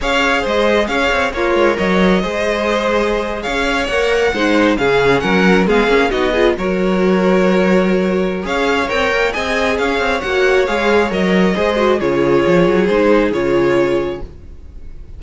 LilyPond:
<<
  \new Staff \with { instrumentName = "violin" } { \time 4/4 \tempo 4 = 135 f''4 dis''4 f''4 cis''4 | dis''2.~ dis''8. f''16~ | f''8. fis''2 f''4 fis''16~ | fis''8. f''4 dis''4 cis''4~ cis''16~ |
cis''2. f''4 | g''4 gis''4 f''4 fis''4 | f''4 dis''2 cis''4~ | cis''4 c''4 cis''2 | }
  \new Staff \with { instrumentName = "violin" } { \time 4/4 cis''4 c''4 cis''4 f'4 | cis''4 c''2~ c''8. cis''16~ | cis''4.~ cis''16 c''4 gis'4 ais'16~ | ais'8. gis'4 fis'8 gis'8 ais'4~ ais'16~ |
ais'2. cis''4~ | cis''4 dis''4 cis''2~ | cis''2 c''4 gis'4~ | gis'1 | }
  \new Staff \with { instrumentName = "viola" } { \time 4/4 gis'2. ais'4~ | ais'4 gis'2.~ | gis'8. ais'4 dis'4 cis'4~ cis'16~ | cis'8. b8 cis'8 dis'8 f'8 fis'4~ fis'16~ |
fis'2. gis'4 | ais'4 gis'2 fis'4 | gis'4 ais'4 gis'8 fis'8 f'4~ | f'4 dis'4 f'2 | }
  \new Staff \with { instrumentName = "cello" } { \time 4/4 cis'4 gis4 cis'8 c'8 ais8 gis8 | fis4 gis2~ gis8. cis'16~ | cis'8. ais4 gis4 cis4 fis16~ | fis8. gis8 ais8 b4 fis4~ fis16~ |
fis2. cis'4 | c'8 ais8 c'4 cis'8 c'8 ais4 | gis4 fis4 gis4 cis4 | f8 fis8 gis4 cis2 | }
>>